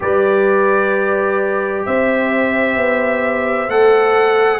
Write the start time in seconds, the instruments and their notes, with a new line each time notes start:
0.00 tuba G3, trombone G4, horn B4, trumpet D5
1.85 tuba C4, horn C5, trumpet E5
2.76 tuba B3
3.68 tuba A3, trombone A4, trumpet F#5